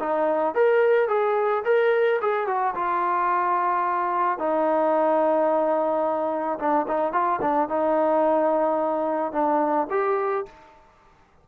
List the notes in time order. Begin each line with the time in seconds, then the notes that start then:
0.00 D#4
0.55 A#4
1.09 G#4
1.65 A#4
2.22 G#4
2.47 F#4
2.75 F4
4.39 D#4
6.59 D4
6.88 D#4
7.13 F4
7.42 D4
7.69 D#4
9.33 D4
9.91 G4